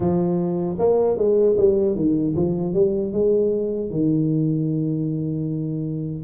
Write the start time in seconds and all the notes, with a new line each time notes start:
0.00 F3
0.78 A#3
1.17 G#3
1.57 G3
1.95 D#3
2.36 F3
2.73 G3
3.12 G#3
3.90 D#3